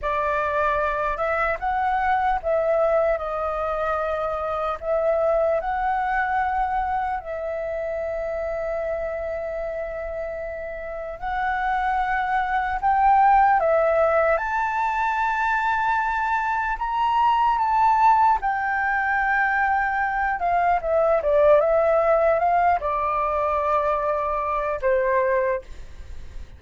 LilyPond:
\new Staff \with { instrumentName = "flute" } { \time 4/4 \tempo 4 = 75 d''4. e''8 fis''4 e''4 | dis''2 e''4 fis''4~ | fis''4 e''2.~ | e''2 fis''2 |
g''4 e''4 a''2~ | a''4 ais''4 a''4 g''4~ | g''4. f''8 e''8 d''8 e''4 | f''8 d''2~ d''8 c''4 | }